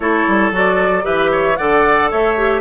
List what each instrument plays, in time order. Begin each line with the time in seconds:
0.00 bassoon A3, clarinet E4, oboe A4, flute C#5
0.27 bassoon G3
0.51 bassoon F#3, clarinet F#4, flute D5
1.02 bassoon E3, clarinet G4, oboe B4, flute E5
1.31 oboe C#5
1.56 bassoon D3, clarinet A4, oboe D5, flute F#5
2.11 bassoon A3, oboe C#5, flute E5
2.37 clarinet G4